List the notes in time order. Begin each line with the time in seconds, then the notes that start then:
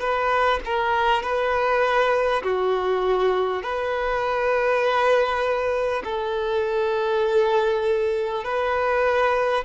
0.00 B4
0.65 A#4
1.22 B4
2.43 F#4
3.62 B4
6.04 A4
8.44 B4